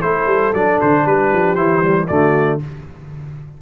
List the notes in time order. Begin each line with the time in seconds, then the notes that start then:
0.00 A3 E4 A4 C5
0.26 G3
0.53 F#3 D4 D5
0.81 D3 C5
1.05 G3 G4 B4
1.33 F3
1.55 E3 E4 C5
1.81 G3
2.07 D3 A3 F#4 D5